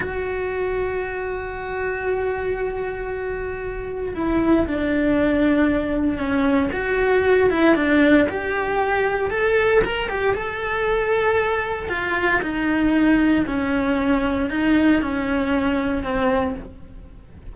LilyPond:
\new Staff \with { instrumentName = "cello" } { \time 4/4 \tempo 4 = 116 fis'1~ | fis'1 | e'4 d'2. | cis'4 fis'4. e'8 d'4 |
g'2 a'4 ais'8 g'8 | a'2. f'4 | dis'2 cis'2 | dis'4 cis'2 c'4 | }